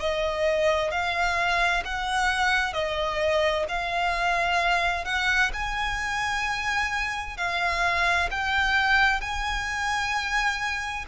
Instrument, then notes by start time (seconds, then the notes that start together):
violin
0.00 D#5
0.91 F5
1.85 F#5
2.74 D#5
3.69 F5
5.05 F#5
5.53 G#5
7.37 F5
8.31 G5
9.21 G#5